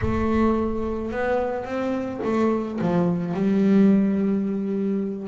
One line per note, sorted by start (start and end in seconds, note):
0.01 1.11 A3
1.11 1.64 B3
1.64 2.20 C4
2.23 2.79 A3
2.81 3.34 F3
3.34 5.27 G3